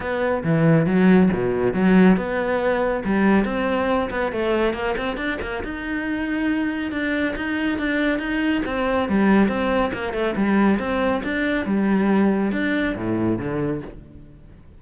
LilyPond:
\new Staff \with { instrumentName = "cello" } { \time 4/4 \tempo 4 = 139 b4 e4 fis4 b,4 | fis4 b2 g4 | c'4. b8 a4 ais8 c'8 | d'8 ais8 dis'2. |
d'4 dis'4 d'4 dis'4 | c'4 g4 c'4 ais8 a8 | g4 c'4 d'4 g4~ | g4 d'4 a,4 d4 | }